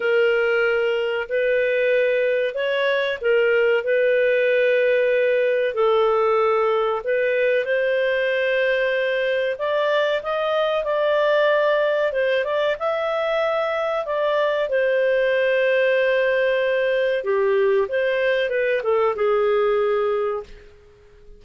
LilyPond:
\new Staff \with { instrumentName = "clarinet" } { \time 4/4 \tempo 4 = 94 ais'2 b'2 | cis''4 ais'4 b'2~ | b'4 a'2 b'4 | c''2. d''4 |
dis''4 d''2 c''8 d''8 | e''2 d''4 c''4~ | c''2. g'4 | c''4 b'8 a'8 gis'2 | }